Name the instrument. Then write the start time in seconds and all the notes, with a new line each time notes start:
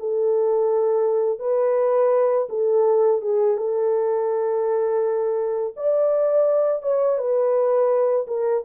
horn
0.00 A4
1.40 B4
2.50 A4
3.22 G#4
3.58 A4
5.77 D5
6.83 C#5
7.18 B4
8.28 A#4